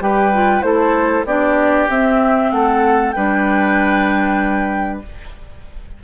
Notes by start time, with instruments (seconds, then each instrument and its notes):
0.00 bassoon G3, clarinet G4, oboe B4, flute G5
0.34 clarinet F4
0.62 bassoon A3, clarinet E4, oboe A4, flute C5
1.25 bassoon B3, clarinet D4, oboe G4, flute D5
1.89 bassoon C4, clarinet C4, flute E5
2.52 bassoon A3, oboe A4, flute F#5
3.12 bassoon G3, clarinet D4, oboe B4, flute G5